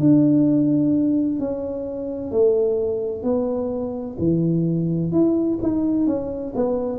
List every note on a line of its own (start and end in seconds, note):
0.00 1.40 D4
1.40 2.31 C#4
2.31 3.23 A3
3.23 4.17 B3
4.18 5.12 E3
5.12 5.59 E4
5.62 6.07 D#4
6.07 6.54 C#4
6.55 6.98 B3